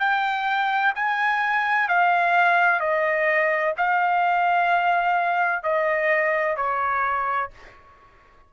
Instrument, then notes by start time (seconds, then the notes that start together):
trumpet
0.00 G5
0.95 G#5
1.89 F5
2.80 D#5
3.78 F5
5.64 D#5
6.57 C#5